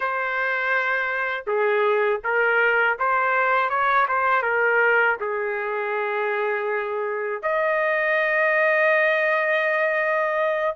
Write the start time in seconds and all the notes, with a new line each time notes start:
0.00 C5
1.46 G#4
2.24 A#4
2.98 C5
3.69 C#5
4.07 C5
4.42 A#4
5.20 G#4
7.42 D#5